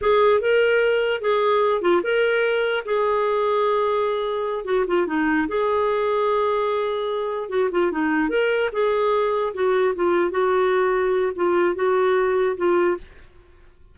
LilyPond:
\new Staff \with { instrumentName = "clarinet" } { \time 4/4 \tempo 4 = 148 gis'4 ais'2 gis'4~ | gis'8 f'8 ais'2 gis'4~ | gis'2.~ gis'8 fis'8 | f'8 dis'4 gis'2~ gis'8~ |
gis'2~ gis'8 fis'8 f'8 dis'8~ | dis'8 ais'4 gis'2 fis'8~ | fis'8 f'4 fis'2~ fis'8 | f'4 fis'2 f'4 | }